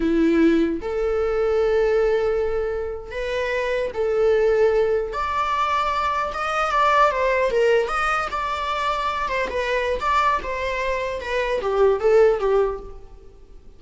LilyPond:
\new Staff \with { instrumentName = "viola" } { \time 4/4 \tempo 4 = 150 e'2 a'2~ | a'2.~ a'8. b'16~ | b'4.~ b'16 a'2~ a'16~ | a'8. d''2. dis''16~ |
dis''8. d''4 c''4 ais'4 dis''16~ | dis''8. d''2~ d''8 c''8 b'16~ | b'4 d''4 c''2 | b'4 g'4 a'4 g'4 | }